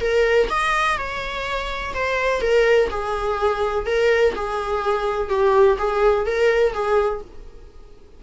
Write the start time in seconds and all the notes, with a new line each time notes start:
0.00 A#4
0.49 D#5
0.97 C#5
1.94 C5
2.41 A#4
2.90 G#4
3.86 A#4
4.35 G#4
5.29 G4
5.78 G#4
6.26 A#4
6.73 G#4